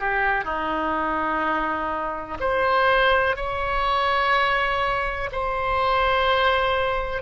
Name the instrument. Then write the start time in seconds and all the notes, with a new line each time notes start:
oboe
0.00 G4
0.45 D#4
2.41 C5
3.37 C#5
5.33 C5